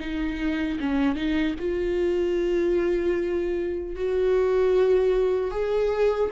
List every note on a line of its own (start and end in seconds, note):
0.00 0.79 D#4
0.80 1.16 C#4
1.16 1.55 D#4
1.59 3.96 F4
3.96 5.51 F#4
5.51 6.30 G#4